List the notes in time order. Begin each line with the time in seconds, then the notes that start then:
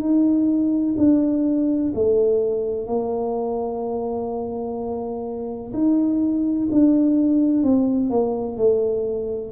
0.00 D#4
0.97 D4
1.95 A3
2.87 A#3
5.74 D#4
6.71 D4
7.63 C4
8.10 A#3
8.57 A3